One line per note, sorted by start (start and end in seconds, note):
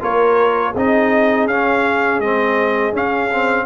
0.00 0.75 A#3
0.00 0.73 F4
0.00 0.72 A#4
0.00 0.76 C#5
0.72 1.48 C4
0.72 1.50 D#4
0.72 3.65 G#4
0.72 1.48 D#5
1.48 2.20 C#4
1.48 2.23 C#4
1.48 2.20 F5
2.20 2.92 G#3
2.20 2.93 C4
2.20 2.94 D#5
2.92 3.65 C#4
2.92 3.30 C#4
2.92 3.66 F5
3.32 3.66 C4